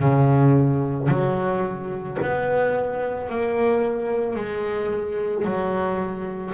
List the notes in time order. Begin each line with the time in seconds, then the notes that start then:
0.00 C#3
1.09 F#3
2.23 B3
3.30 A#3
4.36 G#3
5.45 F#3